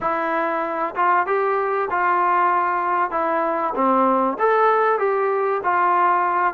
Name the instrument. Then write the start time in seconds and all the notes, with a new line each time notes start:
trombone
0.01 E4
0.95 F4
1.26 G4
1.90 F4
3.11 E4
3.75 C4
4.38 A4
4.98 G4
5.63 F4